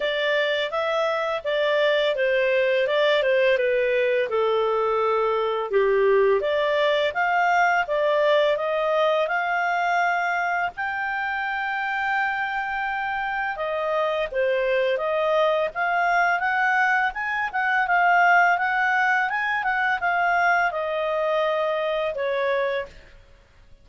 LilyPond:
\new Staff \with { instrumentName = "clarinet" } { \time 4/4 \tempo 4 = 84 d''4 e''4 d''4 c''4 | d''8 c''8 b'4 a'2 | g'4 d''4 f''4 d''4 | dis''4 f''2 g''4~ |
g''2. dis''4 | c''4 dis''4 f''4 fis''4 | gis''8 fis''8 f''4 fis''4 gis''8 fis''8 | f''4 dis''2 cis''4 | }